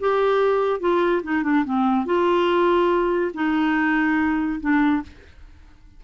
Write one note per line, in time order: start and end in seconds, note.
0.00 0.80 G4
0.80 1.22 F4
1.23 1.43 D#4
1.43 1.64 D4
1.65 2.06 C4
2.06 3.32 F4
3.34 4.60 D#4
4.60 5.02 D4